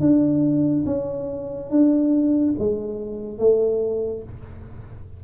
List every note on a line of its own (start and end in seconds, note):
0.00 0.85 D4
0.85 1.70 C#4
1.70 2.54 D4
2.59 3.38 G#3
3.38 4.23 A3